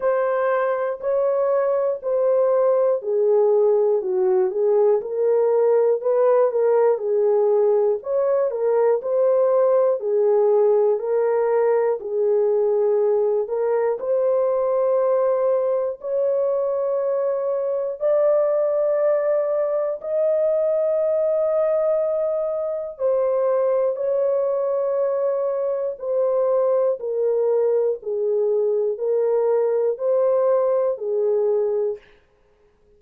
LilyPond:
\new Staff \with { instrumentName = "horn" } { \time 4/4 \tempo 4 = 60 c''4 cis''4 c''4 gis'4 | fis'8 gis'8 ais'4 b'8 ais'8 gis'4 | cis''8 ais'8 c''4 gis'4 ais'4 | gis'4. ais'8 c''2 |
cis''2 d''2 | dis''2. c''4 | cis''2 c''4 ais'4 | gis'4 ais'4 c''4 gis'4 | }